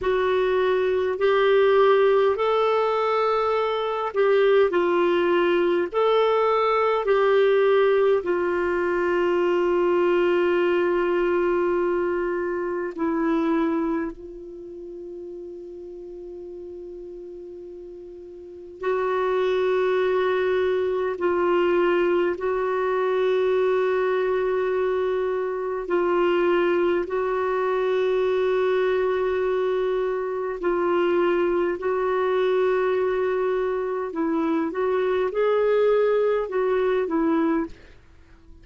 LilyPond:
\new Staff \with { instrumentName = "clarinet" } { \time 4/4 \tempo 4 = 51 fis'4 g'4 a'4. g'8 | f'4 a'4 g'4 f'4~ | f'2. e'4 | f'1 |
fis'2 f'4 fis'4~ | fis'2 f'4 fis'4~ | fis'2 f'4 fis'4~ | fis'4 e'8 fis'8 gis'4 fis'8 e'8 | }